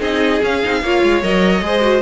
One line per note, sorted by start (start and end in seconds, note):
0.00 0.41 C4
0.00 0.40 D#4
0.00 0.81 G#4
0.00 0.42 D#5
0.43 0.63 C#4
0.43 1.23 F5
0.63 0.82 C4
0.63 0.83 D#4
0.82 1.03 A#3
0.82 1.23 F4
0.82 1.64 C#5
1.03 1.23 G#3
1.23 1.61 F#3
1.23 1.62 A#4
1.23 2.01 D#5
1.61 2.01 G#3
1.61 1.81 G#4
1.61 2.01 C5
1.81 2.01 F#4